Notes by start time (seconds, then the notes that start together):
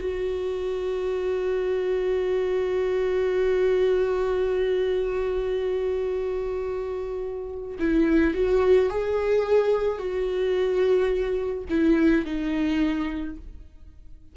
0.00 F#4
7.79 E4
8.34 F#4
8.89 G#4
9.98 F#4
11.70 E4
12.25 D#4